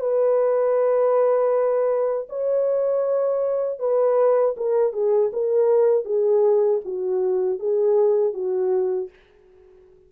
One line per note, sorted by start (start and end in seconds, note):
0.00 2.28 B4
2.30 3.79 C#5
3.79 4.55 B4
4.57 4.93 A#4
4.93 5.31 G#4
5.33 6.05 A#4
6.05 6.81 G#4
6.85 7.59 F#4
7.59 8.34 G#4
8.34 9.10 F#4